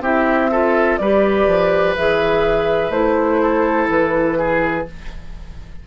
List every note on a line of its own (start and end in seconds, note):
0.00 0.97 C4
0.00 0.50 E4
0.00 0.50 G4
0.00 0.97 E5
0.51 1.00 F4
0.51 0.99 A4
0.97 1.47 G3
0.97 1.97 G4
0.97 3.42 B4
0.97 1.94 D5
1.47 1.95 F3
1.95 2.90 E3
1.95 2.92 G#4
1.95 2.91 E5
2.90 3.86 A3
2.90 4.85 E4
2.90 3.88 C5
3.42 4.38 A4
3.89 4.85 E3
3.89 4.87 B4
4.38 4.86 G#4